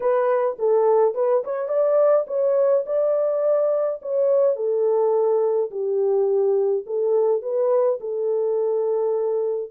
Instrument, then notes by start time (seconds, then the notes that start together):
horn
0.00 B4
0.58 A4
1.14 B4
1.44 C#5
1.68 D5
2.27 C#5
2.86 D5
4.02 C#5
4.56 A4
5.71 G4
6.86 A4
7.41 B4
8.00 A4